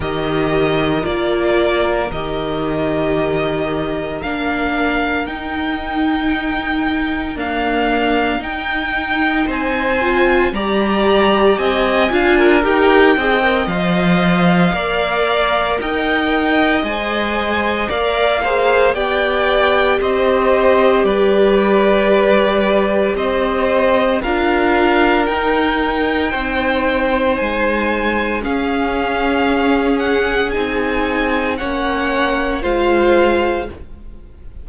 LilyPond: <<
  \new Staff \with { instrumentName = "violin" } { \time 4/4 \tempo 4 = 57 dis''4 d''4 dis''2 | f''4 g''2 f''4 | g''4 gis''4 ais''4 gis''4 | g''4 f''2 g''4 |
gis''4 f''4 g''4 dis''4 | d''2 dis''4 f''4 | g''2 gis''4 f''4~ | f''8 fis''8 gis''4 fis''4 f''4 | }
  \new Staff \with { instrumentName = "violin" } { \time 4/4 ais'1~ | ais'1~ | ais'4 c''4 d''4 dis''8 f''16 ais'16~ | ais'8 dis''4. d''4 dis''4~ |
dis''4 d''8 c''8 d''4 c''4 | b'2 c''4 ais'4~ | ais'4 c''2 gis'4~ | gis'2 cis''4 c''4 | }
  \new Staff \with { instrumentName = "viola" } { \time 4/4 g'4 f'4 g'2 | d'4 dis'2 ais4 | dis'4. f'8 g'4. f'8 | g'8 gis'16 ais'16 c''4 ais'2 |
c''4 ais'8 gis'8 g'2~ | g'2. f'4 | dis'2. cis'4~ | cis'4 dis'4 cis'4 f'4 | }
  \new Staff \with { instrumentName = "cello" } { \time 4/4 dis4 ais4 dis2 | ais4 dis'2 d'4 | dis'4 c'4 g4 c'8 d'8 | dis'8 c'8 f4 ais4 dis'4 |
gis4 ais4 b4 c'4 | g2 c'4 d'4 | dis'4 c'4 gis4 cis'4~ | cis'4 c'4 ais4 gis4 | }
>>